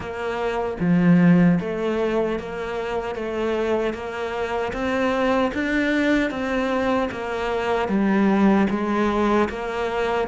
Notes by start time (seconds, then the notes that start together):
0.00 A#3
0.80 F3
1.60 A3
2.39 A#3
3.15 A3
3.93 A#3
4.72 C4
5.54 D4
6.30 C4
7.11 A#3
7.88 G3
8.69 G#3
9.49 A#3